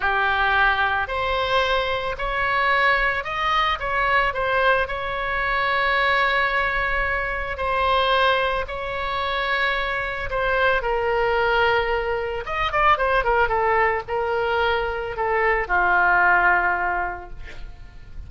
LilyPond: \new Staff \with { instrumentName = "oboe" } { \time 4/4 \tempo 4 = 111 g'2 c''2 | cis''2 dis''4 cis''4 | c''4 cis''2.~ | cis''2 c''2 |
cis''2. c''4 | ais'2. dis''8 d''8 | c''8 ais'8 a'4 ais'2 | a'4 f'2. | }